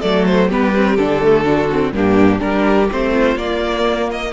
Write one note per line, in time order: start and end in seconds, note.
0.00 0.51 F#3
0.00 0.50 A3
0.00 0.48 A4
0.00 0.25 D5
0.26 0.50 C5
0.48 0.97 G3
0.48 0.74 B3
0.48 1.44 G4
0.48 0.96 B4
0.75 0.98 C4
0.96 1.92 D3
0.96 1.22 D4
0.96 1.92 A4
1.22 1.44 A3
1.44 1.68 D4
1.44 1.92 F#4
1.71 1.94 C4
1.92 2.40 G2
1.92 2.39 A#3
1.92 2.42 D4
1.92 2.40 G4
2.39 2.90 G3
2.39 2.87 D4
2.39 3.13 G4
2.39 2.88 A#4
2.91 3.36 A3
2.91 3.37 C4
2.91 3.37 C5
3.13 4.32 F4
3.36 4.32 A#3
3.36 4.09 D5
4.11 4.32 D#5